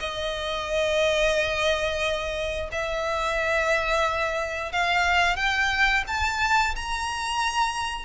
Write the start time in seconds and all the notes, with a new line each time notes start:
0.00 D#5
2.72 E5
4.73 F5
5.37 G5
6.08 A5
6.76 A#5